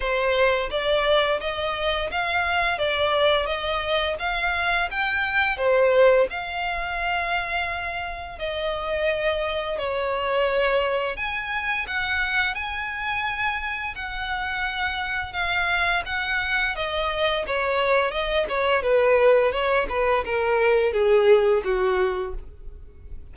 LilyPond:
\new Staff \with { instrumentName = "violin" } { \time 4/4 \tempo 4 = 86 c''4 d''4 dis''4 f''4 | d''4 dis''4 f''4 g''4 | c''4 f''2. | dis''2 cis''2 |
gis''4 fis''4 gis''2 | fis''2 f''4 fis''4 | dis''4 cis''4 dis''8 cis''8 b'4 | cis''8 b'8 ais'4 gis'4 fis'4 | }